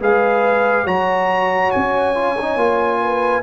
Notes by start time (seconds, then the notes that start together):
0.00 G#3 G#4 B4 F5
0.84 F#3 F#4 C#5 A#5
1.71 C#4 G#5
2.14 F4
2.40 D#4
2.56 A#3 F4
3.01 B4